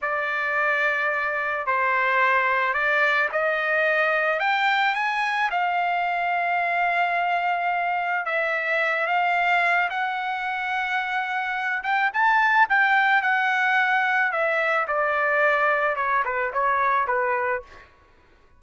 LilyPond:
\new Staff \with { instrumentName = "trumpet" } { \time 4/4 \tempo 4 = 109 d''2. c''4~ | c''4 d''4 dis''2 | g''4 gis''4 f''2~ | f''2. e''4~ |
e''8 f''4. fis''2~ | fis''4. g''8 a''4 g''4 | fis''2 e''4 d''4~ | d''4 cis''8 b'8 cis''4 b'4 | }